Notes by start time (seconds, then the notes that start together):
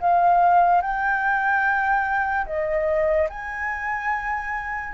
0.00 F5
0.81 G5
2.46 D#5
3.29 G#5